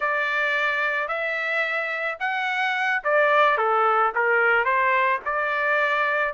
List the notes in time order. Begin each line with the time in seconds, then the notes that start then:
0.00 D5
1.07 E5
2.19 F#5
3.04 D5
3.57 A4
4.15 A#4
4.64 C5
5.25 D5